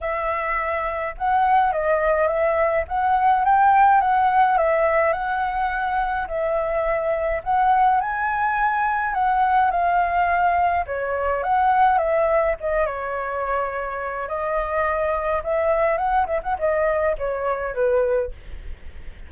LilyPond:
\new Staff \with { instrumentName = "flute" } { \time 4/4 \tempo 4 = 105 e''2 fis''4 dis''4 | e''4 fis''4 g''4 fis''4 | e''4 fis''2 e''4~ | e''4 fis''4 gis''2 |
fis''4 f''2 cis''4 | fis''4 e''4 dis''8 cis''4.~ | cis''4 dis''2 e''4 | fis''8 e''16 fis''16 dis''4 cis''4 b'4 | }